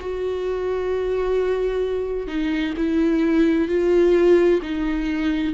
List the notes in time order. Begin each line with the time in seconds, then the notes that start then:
0.00 F#4
2.27 D#4
2.77 E4
3.68 F4
4.62 D#4